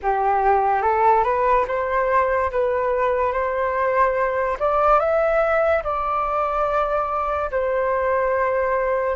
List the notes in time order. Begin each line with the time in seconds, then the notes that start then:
0.02 G4
0.82 A4
1.23 B4
1.67 C5
2.51 B4
3.32 C5
4.59 D5
4.99 E5
5.83 D5
7.51 C5